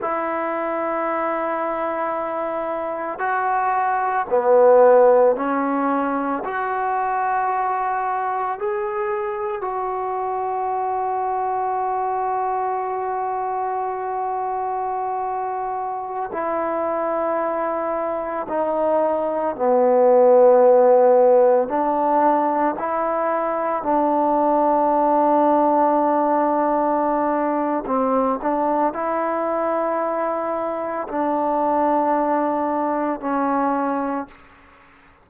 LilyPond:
\new Staff \with { instrumentName = "trombone" } { \time 4/4 \tempo 4 = 56 e'2. fis'4 | b4 cis'4 fis'2 | gis'4 fis'2.~ | fis'2.~ fis'16 e'8.~ |
e'4~ e'16 dis'4 b4.~ b16~ | b16 d'4 e'4 d'4.~ d'16~ | d'2 c'8 d'8 e'4~ | e'4 d'2 cis'4 | }